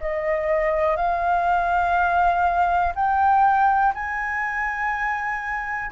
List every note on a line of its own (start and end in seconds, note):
0.00 0.96 D#5
0.96 2.93 F5
2.95 3.93 G5
3.94 5.91 G#5